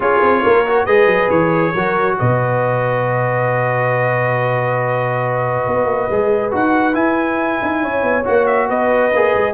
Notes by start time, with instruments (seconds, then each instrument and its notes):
0.00 tuba C#4, trombone F4, horn G#4, trumpet C#5
0.22 tuba C4
0.44 tuba A#3, horn A#4
0.66 trombone F#4
0.85 tuba G#3, trombone G#4, horn B4, trumpet D#5
1.06 tuba F#3
1.29 tuba E3, trumpet C#5
1.73 tuba F#3, trombone F#4, horn A#4
2.18 tuba B2, horn B4, trumpet D#5
5.66 tuba B3
5.85 tuba A#3
6.10 tuba G#3, trombone G#4
6.51 tuba D#4, trombone F#4, trumpet F#5
6.93 trombone E4, tuba E4, trumpet G#5
7.62 tuba D#4
7.82 tuba C#4, horn C#5
8.02 tuba B3
8.24 tuba A#3, trombone F#4, trumpet F#5
8.46 trumpet E5
8.67 tuba B3, horn B4, trumpet D#5
9.13 tuba A#3, trombone G#4
9.35 tuba G#3